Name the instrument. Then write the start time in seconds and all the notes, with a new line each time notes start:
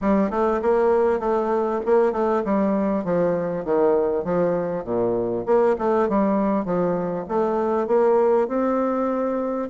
bassoon
0.01 G3
0.30 A3
0.62 A#3
1.19 A3
1.85 A#3
2.12 A3
2.44 G3
3.04 F3
3.64 D#3
4.24 F3
4.84 A#2
5.45 A#3
5.78 A3
6.08 G3
6.65 F3
7.28 A3
7.87 A#3
8.48 C4